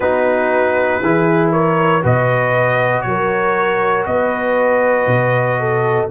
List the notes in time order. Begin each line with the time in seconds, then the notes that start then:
0.00 B3 D#4 F#4 B4
1.01 E3 E4 G#4
1.51 A#4 C#5
2.02 B2 F#4 B4 D#5
3.01 F#3 C#5
3.08 A#4
4.06 B3 B4 D#5
5.06 B2
5.59 A4